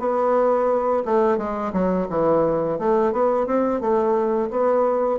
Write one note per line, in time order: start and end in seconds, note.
0.00 1.03 B3
1.05 1.38 A3
1.38 1.72 G#3
1.73 2.08 F#3
2.10 2.79 E3
2.79 3.13 A3
3.13 3.47 B3
3.47 3.81 C4
3.81 4.50 A3
4.51 5.19 B3